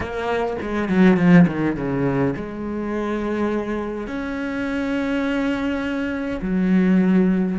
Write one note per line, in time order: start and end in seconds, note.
0.00 0.56 A#3
0.61 0.88 G#3
0.88 1.17 F#3
1.17 1.46 F3
1.47 1.76 D#3
1.76 2.34 C#3
2.36 4.07 G#3
4.07 6.40 C#4
6.41 7.58 F#3